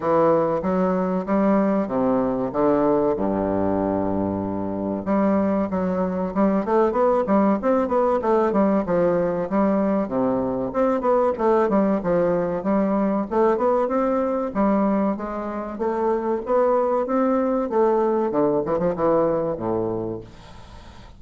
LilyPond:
\new Staff \with { instrumentName = "bassoon" } { \time 4/4 \tempo 4 = 95 e4 fis4 g4 c4 | d4 g,2. | g4 fis4 g8 a8 b8 g8 | c'8 b8 a8 g8 f4 g4 |
c4 c'8 b8 a8 g8 f4 | g4 a8 b8 c'4 g4 | gis4 a4 b4 c'4 | a4 d8 e16 f16 e4 a,4 | }